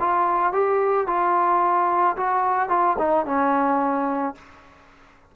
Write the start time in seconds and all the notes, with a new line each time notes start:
0.00 F4
0.53 G4
1.07 F4
2.17 F#4
2.70 F4
2.99 D#4
3.26 C#4